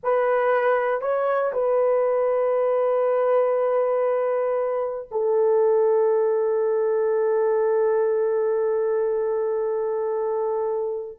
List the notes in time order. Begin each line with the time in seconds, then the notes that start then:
0.03 B4
1.01 C#5
1.53 B4
5.11 A4